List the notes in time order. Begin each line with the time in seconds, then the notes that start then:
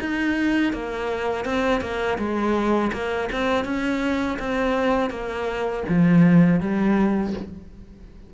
0.00 D#4
0.73 A#3
1.45 C4
1.81 A#3
2.18 G#3
2.92 A#3
3.32 C4
3.65 C#4
4.39 C4
5.10 A#3
5.88 F3
6.60 G3